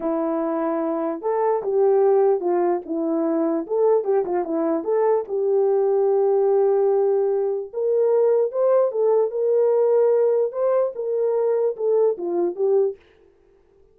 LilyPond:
\new Staff \with { instrumentName = "horn" } { \time 4/4 \tempo 4 = 148 e'2. a'4 | g'2 f'4 e'4~ | e'4 a'4 g'8 f'8 e'4 | a'4 g'2.~ |
g'2. ais'4~ | ais'4 c''4 a'4 ais'4~ | ais'2 c''4 ais'4~ | ais'4 a'4 f'4 g'4 | }